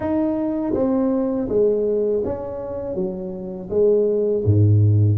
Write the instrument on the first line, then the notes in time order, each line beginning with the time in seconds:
tuba
0.00 D#4
0.74 C4
1.48 G#3
2.25 C#4
2.95 F#3
3.70 G#3
4.44 G#2